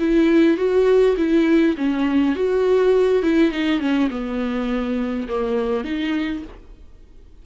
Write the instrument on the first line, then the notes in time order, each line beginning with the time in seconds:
viola
0.00 E4
0.58 F#4
1.17 E4
1.78 C#4
2.36 F#4
3.23 E4
3.52 D#4
3.80 C#4
4.11 B3
5.29 A#3
5.85 D#4